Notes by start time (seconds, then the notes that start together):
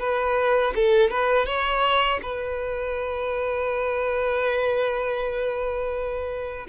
0.00 B4
0.76 A4
1.11 B4
1.46 C#5
2.23 B4